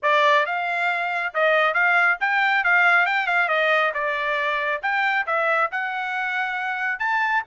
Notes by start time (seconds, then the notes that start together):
0.02 D5
0.45 F5
1.34 D#5
1.74 F5
2.20 G5
2.63 F5
3.06 G5
3.26 F5
3.48 D#5
3.94 D5
4.82 G5
5.26 E5
5.71 F#5
6.99 A5